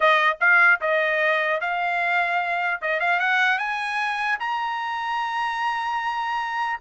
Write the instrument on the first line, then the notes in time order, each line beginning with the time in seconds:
trumpet
0.00 D#5
0.40 F5
0.80 D#5
1.60 F5
2.81 D#5
2.99 F5
3.19 F#5
3.58 G#5
4.39 A#5